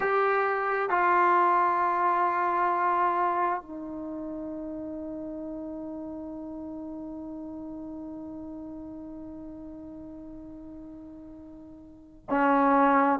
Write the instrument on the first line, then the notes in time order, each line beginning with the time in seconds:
trombone
0.00 G4
0.89 F4
3.62 D#4
12.29 C#4